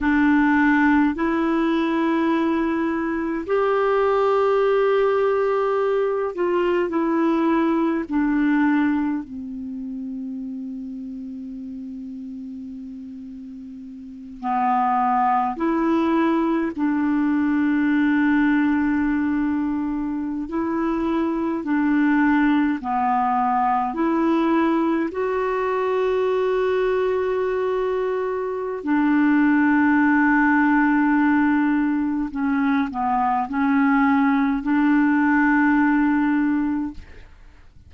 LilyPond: \new Staff \with { instrumentName = "clarinet" } { \time 4/4 \tempo 4 = 52 d'4 e'2 g'4~ | g'4. f'8 e'4 d'4 | c'1~ | c'8 b4 e'4 d'4.~ |
d'4.~ d'16 e'4 d'4 b16~ | b8. e'4 fis'2~ fis'16~ | fis'4 d'2. | cis'8 b8 cis'4 d'2 | }